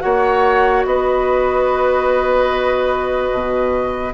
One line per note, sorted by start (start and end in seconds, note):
0.00 0.85 A#3
0.00 4.11 F#4
0.00 0.86 C#5
0.00 0.83 F#5
0.85 3.31 B3
0.85 4.14 B4
0.85 4.14 D#5
3.32 4.14 B2